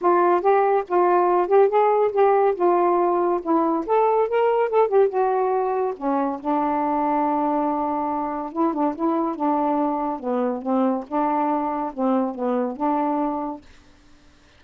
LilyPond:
\new Staff \with { instrumentName = "saxophone" } { \time 4/4 \tempo 4 = 141 f'4 g'4 f'4. g'8 | gis'4 g'4 f'2 | e'4 a'4 ais'4 a'8 g'8 | fis'2 cis'4 d'4~ |
d'1 | e'8 d'8 e'4 d'2 | b4 c'4 d'2 | c'4 b4 d'2 | }